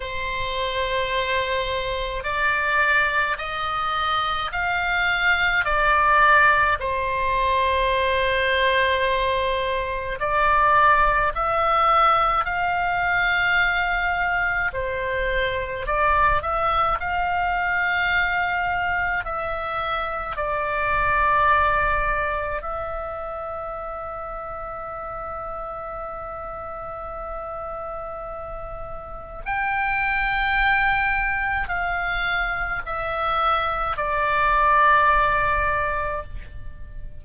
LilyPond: \new Staff \with { instrumentName = "oboe" } { \time 4/4 \tempo 4 = 53 c''2 d''4 dis''4 | f''4 d''4 c''2~ | c''4 d''4 e''4 f''4~ | f''4 c''4 d''8 e''8 f''4~ |
f''4 e''4 d''2 | e''1~ | e''2 g''2 | f''4 e''4 d''2 | }